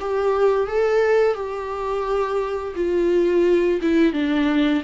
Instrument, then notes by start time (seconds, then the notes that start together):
viola
0.00 G4
0.67 A4
1.34 G4
2.76 F4
3.82 E4
4.13 D4